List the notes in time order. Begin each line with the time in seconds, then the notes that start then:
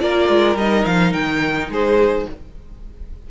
0.00 A#3 F4 A#4 D5
0.29 G#3
0.56 G3 D#4 D#5
0.86 F3 F5
1.13 D#3 G5
1.69 G#3 G#4 C5